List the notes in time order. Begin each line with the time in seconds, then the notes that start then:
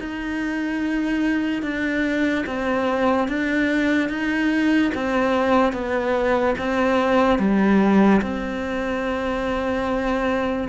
0.00 D#4
1.63 D4
2.46 C4
3.28 D4
4.09 D#4
4.94 C4
5.73 B3
6.58 C4
7.39 G3
8.22 C4